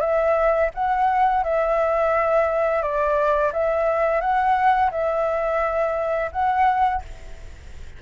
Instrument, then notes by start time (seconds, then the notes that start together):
flute
0.00 E5
0.74 F#5
1.43 E5
2.82 D5
3.52 E5
4.20 F#5
4.91 E5
6.32 F#5